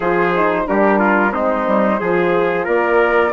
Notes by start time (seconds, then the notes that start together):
0.00 F3 F4 G#4 C5
0.34 D#4
0.67 G3 D4 G4 A#4
0.99 F4
1.30 G#3 C4 D#4 C5
1.67 G3
2.00 F3 F4 G#4
2.64 A#3 A#4 D5